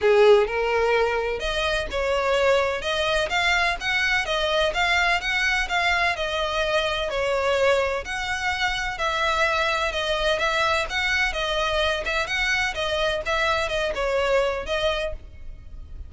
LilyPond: \new Staff \with { instrumentName = "violin" } { \time 4/4 \tempo 4 = 127 gis'4 ais'2 dis''4 | cis''2 dis''4 f''4 | fis''4 dis''4 f''4 fis''4 | f''4 dis''2 cis''4~ |
cis''4 fis''2 e''4~ | e''4 dis''4 e''4 fis''4 | dis''4. e''8 fis''4 dis''4 | e''4 dis''8 cis''4. dis''4 | }